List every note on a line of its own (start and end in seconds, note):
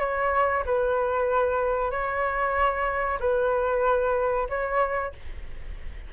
0.00 0.64 C#5
0.66 1.91 B4
1.91 3.19 C#5
3.20 4.48 B4
4.49 5.13 C#5